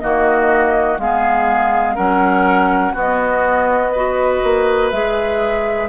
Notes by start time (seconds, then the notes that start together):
0.00 D#3 A#3 F#4 D#5
0.99 G#3 B3 G#4 F5
1.95 F#3 C#4 A#4 F#5
2.94 B3 F#4 D#5
3.92 F#4 B4
4.44 A#3
4.91 G#3 G#4 E5